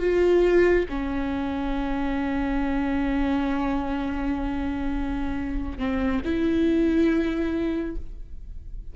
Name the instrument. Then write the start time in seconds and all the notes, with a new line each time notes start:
viola
0.00 F4
0.89 C#4
5.78 C4
6.25 E4